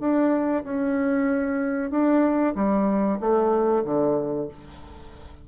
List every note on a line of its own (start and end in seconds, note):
0.00 0.64 D4
0.64 1.91 C#4
1.91 2.55 D4
2.55 3.19 G3
3.20 3.84 A3
3.85 4.49 D3